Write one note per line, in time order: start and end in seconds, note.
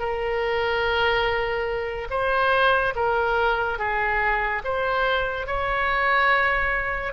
0.00 2.08 A#4
2.11 2.94 C5
2.96 3.79 A#4
3.79 4.62 G#4
4.65 5.47 C5
5.47 7.13 C#5